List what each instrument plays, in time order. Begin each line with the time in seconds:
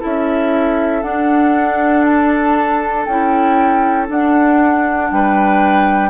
0.00 bassoon C#4, clarinet E4, oboe A4, flute E5
1.03 bassoon D4, clarinet D4, flute F#5
2.05 flute A5
3.06 bassoon C#4, clarinet E4, flute G5
4.08 clarinet D4, bassoon D4, flute F#5
5.11 bassoon G3, oboe B4, flute G5